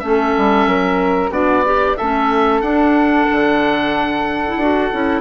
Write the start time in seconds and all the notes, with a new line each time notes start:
0.00 A3 C#4 A4 E5
0.38 G3
0.67 F#3 A#4
1.30 B3 D4 F#4 D5
1.65 D4 G4
1.97 A3 C#4 A4 E5
2.62 D4 F#5
3.32 D3
4.47 E4
4.57 D4 F#4
4.93 C#4 E4